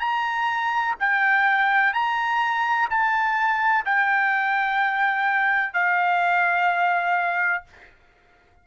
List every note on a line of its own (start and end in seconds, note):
0.00 0.95 A#5
1.00 1.94 G5
1.94 2.89 A#5
2.90 3.85 A5
3.85 5.74 G5
5.74 7.64 F5